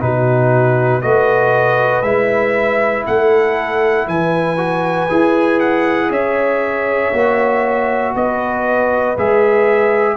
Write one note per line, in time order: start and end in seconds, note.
0.00 1.04 B2
0.00 1.02 D#4
0.00 1.04 F#4
0.00 1.02 B4
1.02 2.03 A3
1.02 2.04 F#4
1.02 3.07 B4
1.02 2.02 D#5
2.02 3.04 G#3
2.02 4.58 E4
2.02 3.04 E5
3.07 4.07 A3
3.07 4.09 A4
3.07 4.08 F#5
4.07 5.09 E3
4.07 6.10 B4
4.07 5.60 G#5
4.58 5.08 F#4
5.10 6.10 E4
5.10 7.13 G#4
5.60 6.11 F#5
6.10 7.12 C#4
6.10 8.13 C#5
6.10 8.16 E5
7.13 8.14 A#3
7.13 9.17 F#4
8.14 9.17 B3
8.14 10.17 B4
8.14 9.18 D#5
9.18 10.17 G#3
9.18 10.17 G#4
9.18 10.17 E5